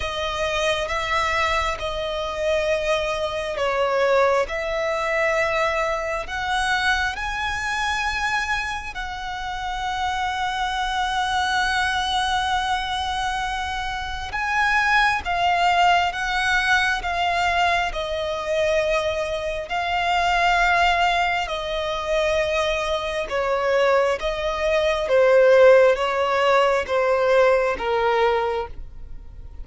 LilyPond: \new Staff \with { instrumentName = "violin" } { \time 4/4 \tempo 4 = 67 dis''4 e''4 dis''2 | cis''4 e''2 fis''4 | gis''2 fis''2~ | fis''1 |
gis''4 f''4 fis''4 f''4 | dis''2 f''2 | dis''2 cis''4 dis''4 | c''4 cis''4 c''4 ais'4 | }